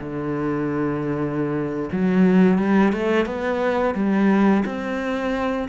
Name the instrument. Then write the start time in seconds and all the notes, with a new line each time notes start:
cello
0.00 D3
1.92 F#3
2.58 G3
2.93 A3
3.26 B3
3.95 G3
4.66 C4